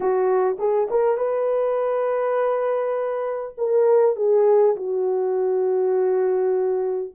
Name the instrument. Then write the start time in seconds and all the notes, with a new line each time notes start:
horn
0.00 F#4
0.58 G#4
0.90 A#4
1.17 B4
3.57 A#4
4.16 G#4
4.76 F#4